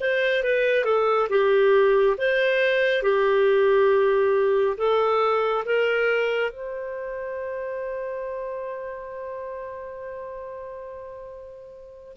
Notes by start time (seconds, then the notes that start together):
0.00 C5
0.43 B4
0.85 A4
1.29 G4
2.18 C5
3.02 G4
4.77 A4
5.65 A#4
6.50 C5